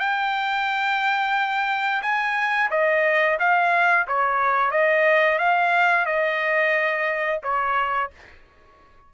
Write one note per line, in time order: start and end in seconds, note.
0.00 2.02 G5
2.03 2.70 G#5
2.71 3.39 D#5
3.40 4.07 F5
4.08 4.72 C#5
4.72 5.39 D#5
5.39 6.06 F5
6.06 7.41 D#5
7.44 8.11 C#5